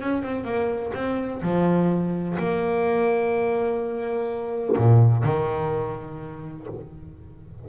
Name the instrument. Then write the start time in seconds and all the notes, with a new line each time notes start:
double bass
0.00 C#4
0.22 C4
0.44 A#3
0.94 C4
1.42 F3
2.38 A#3
4.77 A#2
5.24 D#3